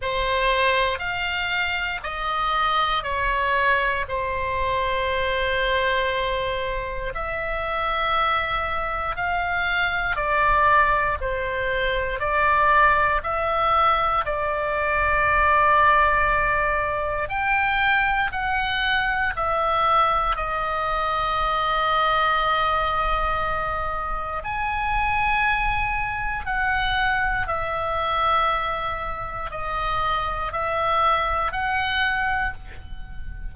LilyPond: \new Staff \with { instrumentName = "oboe" } { \time 4/4 \tempo 4 = 59 c''4 f''4 dis''4 cis''4 | c''2. e''4~ | e''4 f''4 d''4 c''4 | d''4 e''4 d''2~ |
d''4 g''4 fis''4 e''4 | dis''1 | gis''2 fis''4 e''4~ | e''4 dis''4 e''4 fis''4 | }